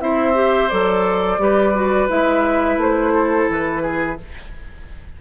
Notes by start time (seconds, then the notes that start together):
0.00 C4 E4 C5 E5
0.34 G4
0.69 F#3 A4 D5
1.39 G3 G4 B4
1.74 F#4
2.08 G#3 E4 E5
2.77 A3 C5
3.13 A4
3.49 E3 B4
3.83 G#4